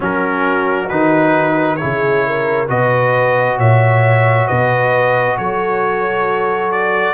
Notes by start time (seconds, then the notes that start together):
0.00 F#3 C#4 F#4 A#4
0.88 D#3 D#4 B4
1.76 E4 G#4 C#5
1.83 C#3
2.26 A#4
2.68 B2 F#4 B4 D#5
3.57 A#2 C#5 E5
4.47 B2 B4 D#5
5.37 F#3 A4 C#5
6.71 D5